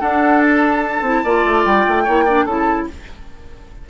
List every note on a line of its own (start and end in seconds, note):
0.00 1.03 D4
0.00 1.02 D4
0.00 1.23 A4
0.00 0.41 F#5
0.41 1.64 A5
1.02 1.22 C4
1.02 1.26 E4
1.24 1.45 A#3
1.24 2.07 F4
1.24 2.04 D5
1.45 1.65 A3
1.65 1.86 G3
1.65 2.46 G5
1.88 2.08 A3
2.04 2.46 A#3
2.04 2.27 E4
2.04 2.25 C#5
2.25 2.48 D4
2.25 2.45 D5
2.45 2.87 C#3
2.45 2.90 E4
2.45 2.86 A4
2.45 2.87 A5